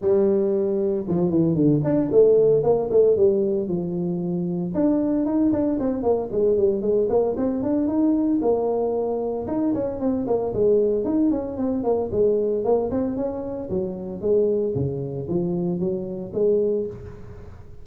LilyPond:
\new Staff \with { instrumentName = "tuba" } { \time 4/4 \tempo 4 = 114 g2 f8 e8 d8 d'8 | a4 ais8 a8 g4 f4~ | f4 d'4 dis'8 d'8 c'8 ais8 | gis8 g8 gis8 ais8 c'8 d'8 dis'4 |
ais2 dis'8 cis'8 c'8 ais8 | gis4 dis'8 cis'8 c'8 ais8 gis4 | ais8 c'8 cis'4 fis4 gis4 | cis4 f4 fis4 gis4 | }